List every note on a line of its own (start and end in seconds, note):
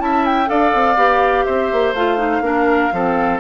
0.00 0.49 C#4
0.00 0.47 E4
0.00 0.50 E5
0.00 0.26 A5
0.26 0.50 G5
0.47 0.74 D4
0.47 0.96 A4
0.47 1.46 D5
0.47 1.45 F5
0.74 0.97 C4
0.97 1.45 B3
0.97 1.95 G4
1.45 1.73 C4
1.45 2.43 C5
1.45 1.94 E5
1.73 1.94 A#3
1.94 2.41 A3
1.94 2.18 F4
1.94 3.40 F5
2.18 2.42 D#4
2.41 2.90 A#3
2.41 2.92 D4
2.41 2.95 A#4
2.93 3.40 F3
2.93 3.40 C4
2.93 3.40 A4